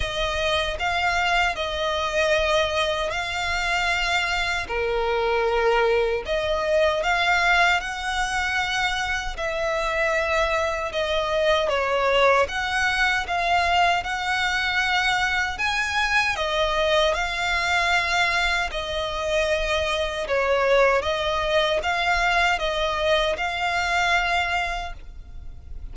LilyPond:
\new Staff \with { instrumentName = "violin" } { \time 4/4 \tempo 4 = 77 dis''4 f''4 dis''2 | f''2 ais'2 | dis''4 f''4 fis''2 | e''2 dis''4 cis''4 |
fis''4 f''4 fis''2 | gis''4 dis''4 f''2 | dis''2 cis''4 dis''4 | f''4 dis''4 f''2 | }